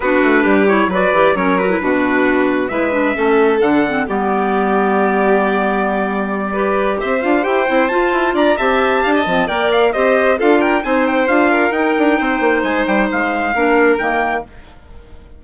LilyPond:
<<
  \new Staff \with { instrumentName = "trumpet" } { \time 4/4 \tempo 4 = 133 b'4. cis''8 d''4 cis''8 b'8~ | b'2 e''2 | fis''4 d''2.~ | d''2.~ d''8 e''8 |
f''8 g''4 a''4 ais''8 a''4~ | a''4 g''8 f''8 dis''4 f''8 g''8 | gis''8 g''8 f''4 g''2 | gis''8 g''8 f''2 g''4 | }
  \new Staff \with { instrumentName = "violin" } { \time 4/4 fis'4 g'4 b'4 ais'4 | fis'2 b'4 a'4~ | a'4 g'2.~ | g'2~ g'8 b'4 c''8~ |
c''2~ c''8 d''8 e''4 | f''16 dis''8. d''4 c''4 a'8 ais'8 | c''4. ais'4. c''4~ | c''2 ais'2 | }
  \new Staff \with { instrumentName = "clarinet" } { \time 4/4 d'4. e'8 fis'8 g'8 cis'8 fis'16 e'16 | d'2 e'8 d'8 cis'4 | d'8 c'8 b2.~ | b2~ b8 g'4. |
f'8 g'8 e'8 f'4. g'4~ | g'8 c'8 ais'4 g'4 f'4 | dis'4 f'4 dis'2~ | dis'2 d'4 ais4 | }
  \new Staff \with { instrumentName = "bassoon" } { \time 4/4 b8 a8 g4 fis8 e8 fis4 | b,2 gis4 a4 | d4 g2.~ | g2.~ g8 c'8 |
d'8 e'8 c'8 f'8 e'8 d'8 c'4 | d'8 f8 ais4 c'4 d'4 | c'4 d'4 dis'8 d'8 c'8 ais8 | gis8 g8 gis4 ais4 dis4 | }
>>